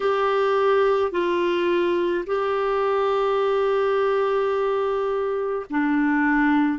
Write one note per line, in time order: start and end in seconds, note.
0.00 1.11 G4
1.11 2.24 F4
2.26 5.66 G4
5.70 6.78 D4